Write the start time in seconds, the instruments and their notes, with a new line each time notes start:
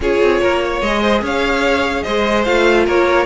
0.00 cello C#4, viola F4, violin G#4 C#5
0.21 cello C4
0.41 cello A#3, violin A#4
0.64 violin C#5
0.81 cello G#3, viola G#4, violin D#5
1.01 violin C5
1.21 cello C#4, violin C#5 F5
2.03 cello G#3, violin C5 D#5
2.44 cello A3, viola F4, violin F5
2.84 cello A#3, violin A#4 C#5